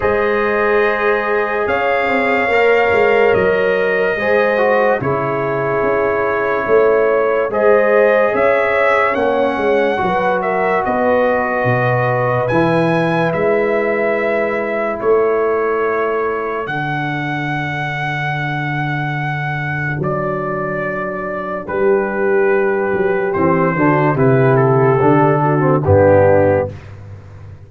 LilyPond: <<
  \new Staff \with { instrumentName = "trumpet" } { \time 4/4 \tempo 4 = 72 dis''2 f''2 | dis''2 cis''2~ | cis''4 dis''4 e''4 fis''4~ | fis''8 e''8 dis''2 gis''4 |
e''2 cis''2 | fis''1 | d''2 b'2 | c''4 b'8 a'4. g'4 | }
  \new Staff \with { instrumentName = "horn" } { \time 4/4 c''2 cis''2~ | cis''4 c''4 gis'2 | cis''4 c''4 cis''2 | b'8 ais'8 b'2.~ |
b'2 a'2~ | a'1~ | a'2 g'2~ | g'8 fis'8 g'4. fis'8 d'4 | }
  \new Staff \with { instrumentName = "trombone" } { \time 4/4 gis'2. ais'4~ | ais'4 gis'8 fis'8 e'2~ | e'4 gis'2 cis'4 | fis'2. e'4~ |
e'1 | d'1~ | d'1 | c'8 d'8 e'4 d'8. c'16 b4 | }
  \new Staff \with { instrumentName = "tuba" } { \time 4/4 gis2 cis'8 c'8 ais8 gis8 | fis4 gis4 cis4 cis'4 | a4 gis4 cis'4 ais8 gis8 | fis4 b4 b,4 e4 |
gis2 a2 | d1 | fis2 g4. fis8 | e8 d8 c4 d4 g,4 | }
>>